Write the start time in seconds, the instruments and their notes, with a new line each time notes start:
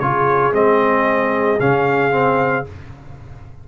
0.00 tuba C#3, trombone F4, horn G#4, trumpet C#5
0.53 tuba G#3, trombone C4, trumpet D#5
1.60 tuba C#3, trombone C#4, trumpet F5
2.12 trombone C4